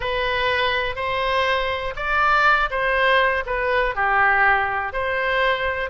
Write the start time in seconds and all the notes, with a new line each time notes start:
0.00 B4
0.95 C5
1.96 D5
2.70 C5
3.46 B4
3.95 G4
4.92 C5